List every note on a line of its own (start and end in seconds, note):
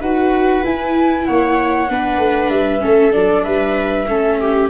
0.00 0.62 D#4
0.00 0.63 F#4
0.00 1.26 B4
0.00 0.64 F#5
0.63 1.88 E4
0.63 1.28 E4
0.63 1.25 G#5
1.25 1.89 A#3
1.25 1.90 C#5
1.25 2.49 F#5
1.89 2.18 B3
1.89 2.80 D4
1.89 2.82 B4
2.18 2.49 A3
2.49 2.81 G3
2.49 3.12 E5
2.80 3.15 A3
2.80 3.11 C#4
2.80 3.44 A4
3.12 3.46 F#3
3.12 4.06 D4
3.12 3.44 D5
3.44 4.08 G3
3.44 4.07 B4
3.44 4.69 E5
4.08 4.70 A3
4.08 4.70 C#4
4.08 4.40 A4
4.40 4.70 G4